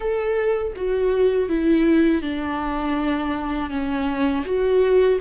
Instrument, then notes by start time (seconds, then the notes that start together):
viola
0.00 A4
0.76 F#4
1.48 E4
2.22 D4
3.70 C#4
4.45 F#4